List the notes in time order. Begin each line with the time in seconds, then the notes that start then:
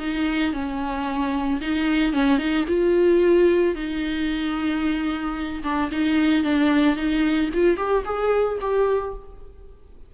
0.00 D#4
0.53 C#4
1.61 D#4
2.13 C#4
2.39 D#4
2.68 F4
3.75 D#4
5.64 D4
5.92 D#4
6.44 D4
6.97 D#4
7.54 F4
7.78 G4
8.06 G#4
8.61 G4